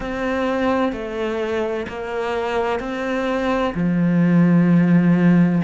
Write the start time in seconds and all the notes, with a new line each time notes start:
0.00 C4
0.92 A3
1.88 A#3
2.79 C4
3.74 F3